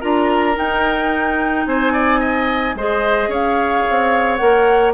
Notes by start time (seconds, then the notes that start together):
0.00 D4 F4 A#4 A#5
0.55 D#4 G5
1.66 C4 C5 G#5
1.93 D5
2.20 D#5
2.75 G#3 G#4 C5 D#5
3.28 C#4 C#5 F5
3.90 C4
4.37 A#3 A#4 F#5